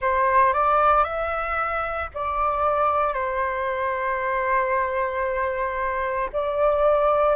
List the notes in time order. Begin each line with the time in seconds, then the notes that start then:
0.01 C5
0.53 D5
1.04 E5
2.14 D5
3.13 C5
6.32 D5